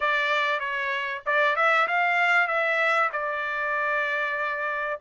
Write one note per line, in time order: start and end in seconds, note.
0.00 0.59 D5
0.59 1.22 C#5
1.26 1.56 D5
1.56 1.87 E5
1.88 2.47 F5
2.47 3.09 E5
3.12 5.00 D5